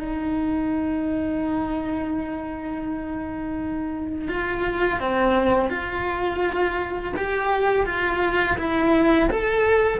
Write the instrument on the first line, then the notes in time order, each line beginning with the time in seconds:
cello
0.00 D#4
4.28 F4
5.00 C4
5.70 F4
7.17 G4
7.86 F4
8.58 E4
9.31 A4